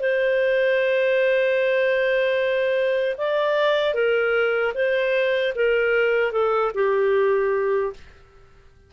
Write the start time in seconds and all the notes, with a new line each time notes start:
0.00 C5
3.17 D5
3.94 A#4
4.74 C5
5.55 A#4
6.32 A4
6.74 G4